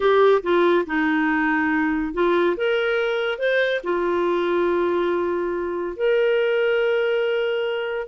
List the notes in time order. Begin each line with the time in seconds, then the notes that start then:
0.00 G4
0.42 F4
0.86 D#4
2.13 F4
2.56 A#4
3.38 C5
3.83 F4
5.96 A#4